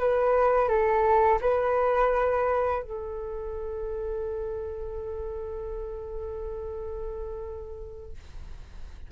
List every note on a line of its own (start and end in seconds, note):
0.00 0.69 B4
0.69 1.40 A4
1.41 2.83 B4
2.83 8.12 A4